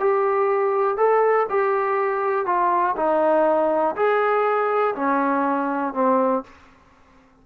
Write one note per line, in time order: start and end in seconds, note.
0.00 0.97 G4
0.97 1.47 A4
1.50 2.46 G4
2.46 2.95 F4
2.96 3.96 D#4
3.96 4.95 G#4
4.95 5.94 C#4
5.94 6.43 C4